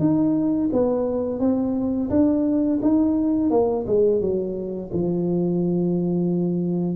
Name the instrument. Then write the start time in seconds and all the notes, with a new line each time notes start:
tuba
0.00 D#4
0.73 B3
1.40 C4
2.10 D4
2.83 D#4
3.51 A#3
3.87 G#3
4.21 F#3
4.93 F3